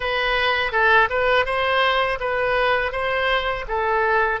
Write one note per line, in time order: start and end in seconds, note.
0.00 0.72 B4
0.72 1.08 A4
1.09 1.45 B4
1.45 2.19 C5
2.20 2.91 B4
2.91 3.65 C5
3.68 4.40 A4